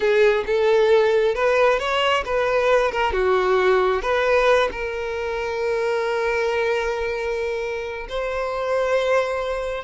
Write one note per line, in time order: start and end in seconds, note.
0.00 0.44 G#4
0.46 1.34 A4
1.34 1.79 B4
1.79 2.23 C#5
2.25 2.91 B4
2.91 3.12 A#4
3.12 4.02 F#4
4.02 4.69 B4
4.71 8.07 A#4
8.08 9.84 C5